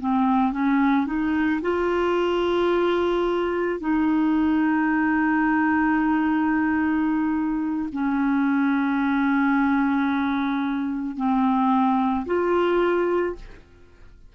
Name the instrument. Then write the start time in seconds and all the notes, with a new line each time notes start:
clarinet
0.00 C4
0.53 C#4
1.07 D#4
1.62 F4
3.80 D#4
7.93 C#4
11.17 C4
12.26 F4